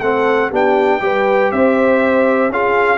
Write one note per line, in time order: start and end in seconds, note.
0.00 0.51 A3
0.00 0.51 C4
0.00 0.50 A4
0.00 0.50 F#5
0.50 1.01 B3
0.50 1.00 D4
0.50 1.00 G4
0.50 1.51 G5
1.00 1.51 G3
1.00 2.50 G4
1.00 1.53 B4
1.51 2.49 C4
1.51 2.51 C5
1.51 2.51 E5
2.49 2.98 C#4
2.49 2.98 F4
2.49 2.98 G#4
2.49 2.98 F5